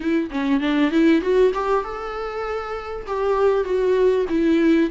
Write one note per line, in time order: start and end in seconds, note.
0.00 0.30 E4
0.30 0.60 C#4
0.60 0.91 D4
0.91 1.21 E4
1.21 1.52 F#4
1.54 1.84 G4
1.84 3.06 A4
3.06 3.64 G4
3.64 4.25 F#4
4.29 4.90 E4